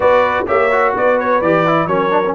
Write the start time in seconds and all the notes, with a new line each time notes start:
0.00 B3 F#4 B4 D5
0.46 A#3 G4 C#5 E5
0.71 F#4
0.94 B3 B4 D5
1.19 C#5
1.41 E3 G4 D5
1.66 E4
1.86 F#3 C#4 A#4 C#5
2.10 D4
2.26 C#4